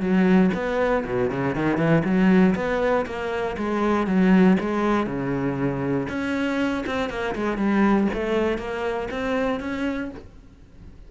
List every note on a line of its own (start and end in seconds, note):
0.00 0.50 F#3
0.54 1.05 B3
1.05 1.30 B2
1.30 1.55 C#3
1.55 1.78 D#3
1.78 2.03 E3
2.05 2.55 F#3
2.56 3.06 B3
3.06 3.57 A#3
3.58 4.07 G#3
4.07 4.57 F#3
4.60 5.07 G#3
5.07 6.08 C#3
6.09 6.85 C#4
6.87 7.10 C4
7.10 7.35 A#3
7.36 7.57 G#3
7.57 8.08 G3
8.14 8.58 A3
8.58 9.09 A#3
9.11 9.60 C4
9.60 10.11 C#4